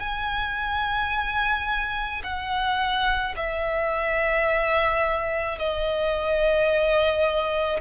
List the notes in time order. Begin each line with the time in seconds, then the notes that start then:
0.00 G#5
2.24 F#5
3.36 E5
5.59 D#5